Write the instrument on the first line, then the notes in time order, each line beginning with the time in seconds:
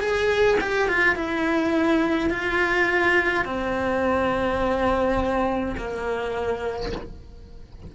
cello
0.00 G#4
0.60 G4
0.88 F4
1.15 E4
2.30 F4
3.45 C4
5.77 A#3